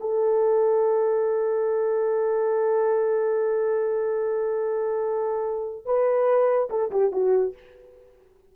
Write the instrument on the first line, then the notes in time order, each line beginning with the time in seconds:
horn
0.00 A4
5.85 B4
6.69 A4
6.91 G4
7.12 F#4